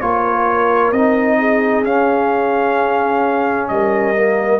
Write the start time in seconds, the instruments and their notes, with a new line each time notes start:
0.00 tuba A#3, trombone F4, horn A#4, trumpet C#5
0.92 tuba C4, trombone D#4, trumpet D#5
1.38 horn G#4
1.84 tuba C#4, trombone C#4, trumpet F5
3.68 tuba G3, horn A#4, trumpet D#5
4.15 trombone A#3